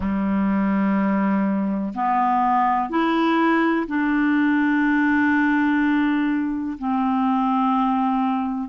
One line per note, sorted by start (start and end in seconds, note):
0.00 1.93 G3
1.94 2.89 B3
2.89 3.86 E4
3.87 6.77 D4
6.78 8.69 C4